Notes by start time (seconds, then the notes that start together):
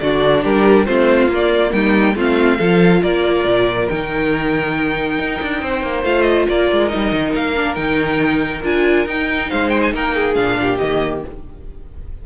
0.00 D3 D4 F#4 D5
0.44 G3 G4 A#4
0.85 A3 C4 F4 C5
1.28 A#3
1.35 D5
1.72 G3 D#4 G5
2.16 A3 C4 F4 F5
2.58 F3 F4 A4
3.03 A#3 A#4 D5
3.45 A#2
3.89 D#3 D#4 G5
5.19 D#4
5.42 D4
5.62 C4 C5
5.83 A#3
6.03 A3 F4 F5
6.22 D#5
6.48 A#3 A#4 D5
6.72 G#3
6.88 D#4 D#5
6.95 G3
7.12 D#3
7.34 A#3 F5
7.56 D4
7.75 D#3 D#4 G5
8.63 D4 F4 G#5
9.06 D#4 G5
9.50 G#3 C5 F5
9.69 G5
9.82 G#5
9.93 A#3 A#4 G5
10.15 G#4
10.35 A#2 D4 F5
10.62 G4
10.79 D#3 A#3 D#5